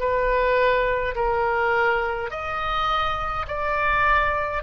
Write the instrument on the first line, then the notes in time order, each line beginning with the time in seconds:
oboe
0.00 B4
1.15 A#4
2.31 D#5
3.48 D5